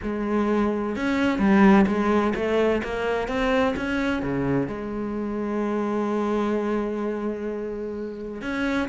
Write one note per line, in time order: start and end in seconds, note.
0.02 0.96 G#3
0.96 1.38 C#4
1.38 1.85 G3
1.86 2.33 G#3
2.35 2.81 A3
2.83 3.27 A#3
3.27 3.74 C4
3.76 4.22 C#4
4.22 4.67 C#3
4.67 8.41 G#3
8.41 8.88 C#4